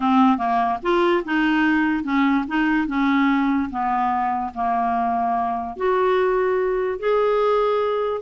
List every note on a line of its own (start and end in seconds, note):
0.00 0.37 C4
0.37 0.78 A#3
0.82 1.23 F4
1.24 2.03 D#4
2.03 2.44 C#4
2.47 2.87 D#4
2.87 3.69 C#4
3.70 4.52 B3
4.54 5.76 A#3
5.76 6.99 F#4
6.99 8.21 G#4